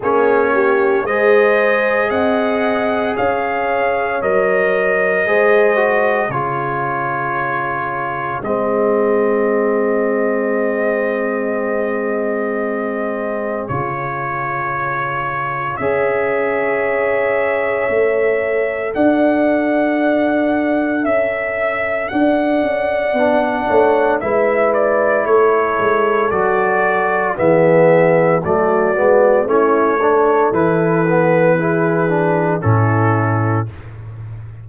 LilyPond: <<
  \new Staff \with { instrumentName = "trumpet" } { \time 4/4 \tempo 4 = 57 cis''4 dis''4 fis''4 f''4 | dis''2 cis''2 | dis''1~ | dis''4 cis''2 e''4~ |
e''2 fis''2 | e''4 fis''2 e''8 d''8 | cis''4 d''4 e''4 d''4 | cis''4 b'2 a'4 | }
  \new Staff \with { instrumentName = "horn" } { \time 4/4 gis'8 g'8 c''4 dis''4 cis''4~ | cis''4 c''4 gis'2~ | gis'1~ | gis'2. cis''4~ |
cis''2 d''2 | e''4 d''4. cis''8 b'4 | a'2 gis'4 fis'4 | e'8 a'4. gis'4 e'4 | }
  \new Staff \with { instrumentName = "trombone" } { \time 4/4 cis'4 gis'2. | ais'4 gis'8 fis'8 f'2 | c'1~ | c'4 f'2 gis'4~ |
gis'4 a'2.~ | a'2 d'4 e'4~ | e'4 fis'4 b4 a8 b8 | cis'8 d'8 e'8 b8 e'8 d'8 cis'4 | }
  \new Staff \with { instrumentName = "tuba" } { \time 4/4 ais4 gis4 c'4 cis'4 | fis4 gis4 cis2 | gis1~ | gis4 cis2 cis'4~ |
cis'4 a4 d'2 | cis'4 d'8 cis'8 b8 a8 gis4 | a8 gis8 fis4 e4 fis8 gis8 | a4 e2 a,4 | }
>>